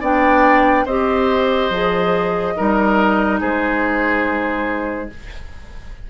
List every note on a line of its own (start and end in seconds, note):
0.00 0.85 B3
0.00 0.86 D4
0.00 0.85 D5
0.00 0.86 G5
0.85 1.70 C4
0.85 1.72 G4
0.85 2.54 C5
0.85 3.39 D#5
1.70 2.54 F3
1.70 2.56 G#4
2.56 3.41 G3
2.56 5.09 D#4
2.56 3.40 A#4
3.40 5.10 G#3
3.40 5.09 G#4
3.40 5.10 C5